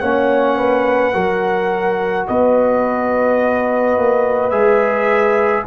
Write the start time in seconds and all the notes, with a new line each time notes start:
0.00 A#3 C#4 C#5 F#5
0.58 B4
1.13 F#3 F#4 A#4
2.28 B3 B4 D#5
3.97 A#3
4.50 G#3 G#4 E5